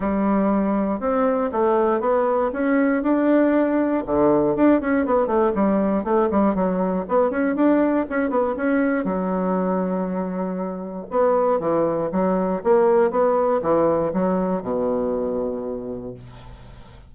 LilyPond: \new Staff \with { instrumentName = "bassoon" } { \time 4/4 \tempo 4 = 119 g2 c'4 a4 | b4 cis'4 d'2 | d4 d'8 cis'8 b8 a8 g4 | a8 g8 fis4 b8 cis'8 d'4 |
cis'8 b8 cis'4 fis2~ | fis2 b4 e4 | fis4 ais4 b4 e4 | fis4 b,2. | }